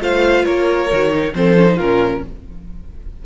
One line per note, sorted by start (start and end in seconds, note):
0.00 0.45 A3
0.00 0.89 F4
0.00 0.45 C5
0.00 0.45 F5
0.45 0.91 A#3
0.45 1.34 A#4
0.45 1.34 C#5
0.92 1.34 D#3
0.92 1.11 F#4
1.11 1.34 D#4
1.34 1.79 F3
1.34 1.57 C4
1.34 1.76 A4
1.34 1.79 C5
1.57 1.66 C#4
1.66 1.77 D#4
1.76 2.24 A#2
1.76 2.26 C#4
1.76 2.21 F4
1.76 2.23 A#4